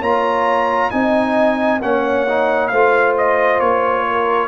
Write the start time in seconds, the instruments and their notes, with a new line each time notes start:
0.00 tuba A#3, trombone F4, horn C#5, trumpet A#5
0.91 tuba C4, trombone D#4, horn D#5, trumpet G#5
1.82 tuba A#3, trombone C#4, horn C#5, trumpet F#5
2.29 trombone D#4
2.68 tuba A3, trombone F4, horn C5, trumpet F5
3.18 trumpet D#5
3.60 tuba A#3, trumpet C#5
4.11 horn A#4